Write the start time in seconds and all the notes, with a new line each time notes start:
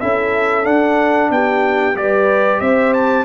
0.00 C#4 E4 A4 E5
0.63 D4 F#5
1.30 B3 G4 G5
1.95 G3 G4 B4 D5
2.60 C4 C5 E5
2.93 A5